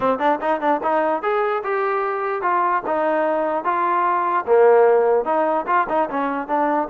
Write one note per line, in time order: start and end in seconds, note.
0.00 0.18 C4
0.18 0.39 D4
0.41 0.60 D#4
0.60 0.81 D4
0.82 1.22 D#4
1.22 1.62 G#4
1.63 2.42 G4
2.42 2.82 F4
2.86 3.64 D#4
3.64 4.45 F4
4.46 5.25 A#3
5.25 5.65 D#4
5.66 5.87 F4
5.89 6.09 D#4
6.10 6.47 C#4
6.47 6.88 D4